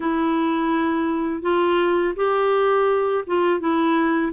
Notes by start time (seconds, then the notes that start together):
0.00 E4
1.42 F4
2.16 G4
3.26 F4
3.60 E4